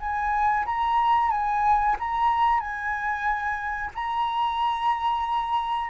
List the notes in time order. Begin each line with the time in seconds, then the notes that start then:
0.00 G#5
0.66 A#5
1.30 G#5
1.99 A#5
2.60 G#5
3.95 A#5